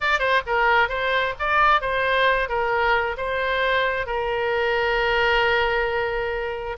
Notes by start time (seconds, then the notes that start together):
0.00 D5
0.19 C5
0.46 A#4
0.88 C5
1.39 D5
1.81 C5
2.48 A#4
3.17 C5
4.06 A#4